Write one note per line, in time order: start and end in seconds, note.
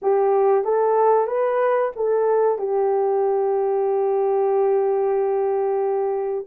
0.01 0.64 G4
0.64 1.27 A4
1.27 1.91 B4
1.96 2.58 A4
2.58 6.45 G4